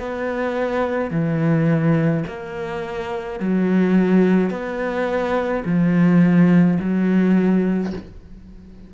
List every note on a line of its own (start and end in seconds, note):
0.00 1.11 B3
1.11 2.24 E3
2.27 3.40 A#3
3.40 4.50 F#3
4.50 5.63 B3
5.66 6.79 F3
6.80 7.93 F#3